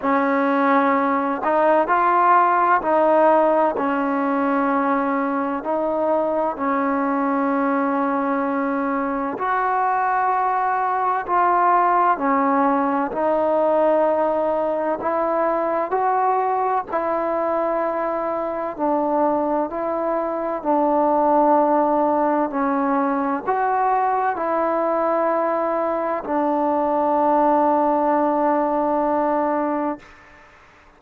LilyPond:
\new Staff \with { instrumentName = "trombone" } { \time 4/4 \tempo 4 = 64 cis'4. dis'8 f'4 dis'4 | cis'2 dis'4 cis'4~ | cis'2 fis'2 | f'4 cis'4 dis'2 |
e'4 fis'4 e'2 | d'4 e'4 d'2 | cis'4 fis'4 e'2 | d'1 | }